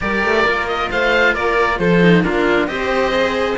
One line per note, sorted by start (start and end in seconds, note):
0.00 0.24 G3
0.00 0.46 G4
0.00 0.90 A#4
0.00 0.67 D5
0.24 0.44 A3
0.44 0.89 A#3
0.44 2.01 F4
0.67 0.90 D#5
0.90 1.35 A3
0.90 1.33 C5
0.90 1.35 F5
1.33 1.79 A#3
1.33 1.78 A#4
1.33 1.79 D5
1.79 2.24 F3
1.79 2.24 A4
1.79 2.23 C5
2.01 2.23 D#4
2.23 2.67 A#3
2.23 2.68 D4
2.23 2.69 F4
2.23 2.67 A#4
2.67 3.57 C4
2.67 3.11 G4
2.67 3.58 C5
2.67 3.56 D#5
3.11 3.56 G#4